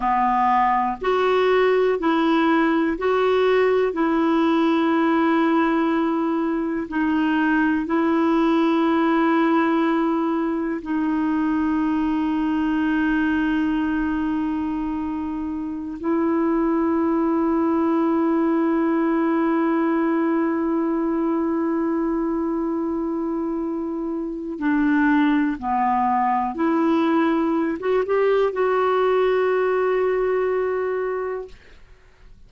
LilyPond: \new Staff \with { instrumentName = "clarinet" } { \time 4/4 \tempo 4 = 61 b4 fis'4 e'4 fis'4 | e'2. dis'4 | e'2. dis'4~ | dis'1~ |
dis'16 e'2.~ e'8.~ | e'1~ | e'4 d'4 b4 e'4~ | e'16 fis'16 g'8 fis'2. | }